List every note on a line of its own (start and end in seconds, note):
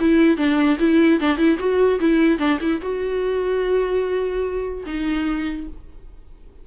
0.00 0.37 E4
0.37 0.78 D4
0.80 1.20 E4
1.20 1.38 D4
1.38 1.58 E4
1.59 2.00 F#4
2.00 2.39 E4
2.39 2.59 D4
2.61 2.81 E4
2.82 4.84 F#4
4.86 5.67 D#4